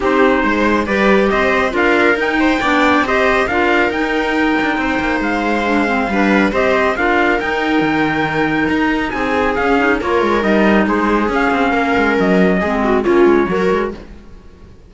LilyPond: <<
  \new Staff \with { instrumentName = "trumpet" } { \time 4/4 \tempo 4 = 138 c''2 d''4 dis''4 | f''4 g''2 dis''4 | f''4 g''2. | f''2. dis''4 |
f''4 g''2. | ais''4 gis''4 f''4 cis''4 | dis''4 c''4 f''2 | dis''2 cis''2 | }
  \new Staff \with { instrumentName = "viola" } { \time 4/4 g'4 c''4 b'4 c''4 | ais'4. c''8 d''4 c''4 | ais'2. c''4~ | c''2 b'4 c''4 |
ais'1~ | ais'4 gis'2 ais'4~ | ais'4 gis'2 ais'4~ | ais'4 gis'8 fis'8 f'4 ais'4 | }
  \new Staff \with { instrumentName = "clarinet" } { \time 4/4 dis'2 g'2 | f'4 dis'4 d'4 g'4 | f'4 dis'2.~ | dis'4 d'8 c'8 d'4 g'4 |
f'4 dis'2.~ | dis'2 cis'8 dis'8 f'4 | dis'2 cis'2~ | cis'4 c'4 cis'4 fis'4 | }
  \new Staff \with { instrumentName = "cello" } { \time 4/4 c'4 gis4 g4 c'4 | d'4 dis'4 b4 c'4 | d'4 dis'4. d'8 c'8 ais8 | gis2 g4 c'4 |
d'4 dis'4 dis2 | dis'4 c'4 cis'4 ais8 gis8 | g4 gis4 cis'8 c'8 ais8 gis8 | fis4 gis4 ais8 gis8 fis8 gis8 | }
>>